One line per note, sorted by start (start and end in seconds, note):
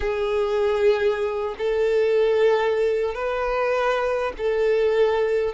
0.00 1.55 G#4
1.58 3.14 A4
3.14 4.32 B4
4.37 5.53 A4